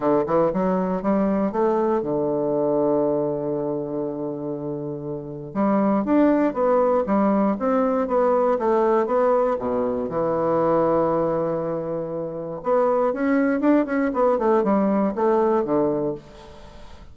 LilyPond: \new Staff \with { instrumentName = "bassoon" } { \time 4/4 \tempo 4 = 119 d8 e8 fis4 g4 a4 | d1~ | d2. g4 | d'4 b4 g4 c'4 |
b4 a4 b4 b,4 | e1~ | e4 b4 cis'4 d'8 cis'8 | b8 a8 g4 a4 d4 | }